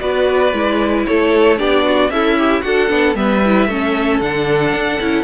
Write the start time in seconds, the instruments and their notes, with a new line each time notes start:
0.00 cello B3, viola F#4, violin B4 D5
0.53 cello G#3, viola E4
1.06 cello A3, violin A4 C#5
1.58 cello B3, viola D4, violin G4 D5
1.85 violin F#4
2.10 cello C#4, violin E4 E5, viola A4
2.39 viola G4
2.62 cello D4, viola F#4, violin A4 F#5
2.89 cello B3, viola D4
3.15 cello G3, viola B3, violin B4 E5
3.45 viola E4
3.68 cello A3, viola C#4, violin A4
4.21 cello D3, viola D4, violin F#5
4.73 cello D4
5.01 cello C#4, viola E4